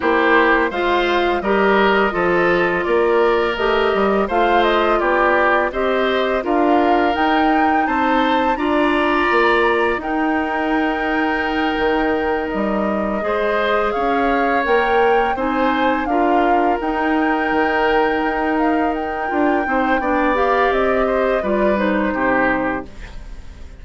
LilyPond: <<
  \new Staff \with { instrumentName = "flute" } { \time 4/4 \tempo 4 = 84 c''4 f''4 dis''2 | d''4 dis''4 f''8 dis''8 d''4 | dis''4 f''4 g''4 a''4 | ais''2 g''2~ |
g''4. dis''2 f''8~ | f''8 g''4 gis''4 f''4 g''8~ | g''2 f''8 g''4.~ | g''8 f''8 dis''4 d''8 c''4. | }
  \new Staff \with { instrumentName = "oboe" } { \time 4/4 g'4 c''4 ais'4 a'4 | ais'2 c''4 g'4 | c''4 ais'2 c''4 | d''2 ais'2~ |
ais'2~ ais'8 c''4 cis''8~ | cis''4. c''4 ais'4.~ | ais'2.~ ais'8 c''8 | d''4. c''8 b'4 g'4 | }
  \new Staff \with { instrumentName = "clarinet" } { \time 4/4 e'4 f'4 g'4 f'4~ | f'4 g'4 f'2 | g'4 f'4 dis'2 | f'2 dis'2~ |
dis'2~ dis'8 gis'4.~ | gis'8 ais'4 dis'4 f'4 dis'8~ | dis'2. f'8 dis'8 | d'8 g'4. f'8 dis'4. | }
  \new Staff \with { instrumentName = "bassoon" } { \time 4/4 ais4 gis4 g4 f4 | ais4 a8 g8 a4 b4 | c'4 d'4 dis'4 c'4 | d'4 ais4 dis'2~ |
dis'8 dis4 g4 gis4 cis'8~ | cis'8 ais4 c'4 d'4 dis'8~ | dis'8 dis4 dis'4. d'8 c'8 | b4 c'4 g4 c4 | }
>>